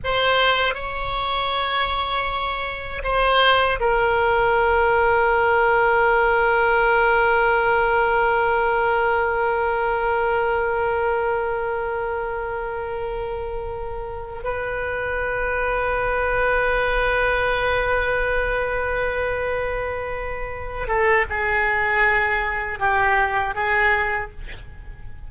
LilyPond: \new Staff \with { instrumentName = "oboe" } { \time 4/4 \tempo 4 = 79 c''4 cis''2. | c''4 ais'2.~ | ais'1~ | ais'1~ |
ais'2. b'4~ | b'1~ | b'2.~ b'8 a'8 | gis'2 g'4 gis'4 | }